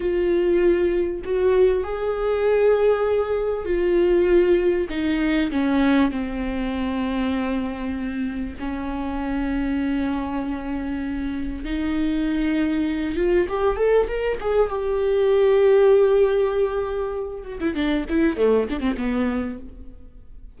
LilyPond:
\new Staff \with { instrumentName = "viola" } { \time 4/4 \tempo 4 = 98 f'2 fis'4 gis'4~ | gis'2 f'2 | dis'4 cis'4 c'2~ | c'2 cis'2~ |
cis'2. dis'4~ | dis'4. f'8 g'8 a'8 ais'8 gis'8 | g'1~ | g'8 fis'16 e'16 d'8 e'8 a8 d'16 c'16 b4 | }